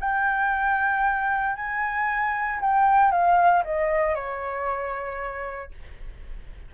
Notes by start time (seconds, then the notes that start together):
0.00 G5
1.56 G#5
2.61 G5
3.11 F5
3.64 D#5
4.15 C#5